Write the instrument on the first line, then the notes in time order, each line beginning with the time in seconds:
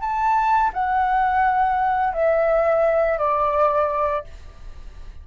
flute
0.00 A5
0.73 F#5
2.13 E5
3.18 D5